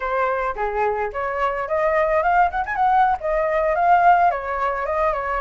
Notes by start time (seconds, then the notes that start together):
0.00 C5
0.55 G#4
1.12 C#5
1.68 D#5
2.22 F5
2.50 F#5
2.65 G#5
2.75 F#5
3.20 D#5
3.75 F5
4.30 C#5
4.86 D#5
5.13 C#5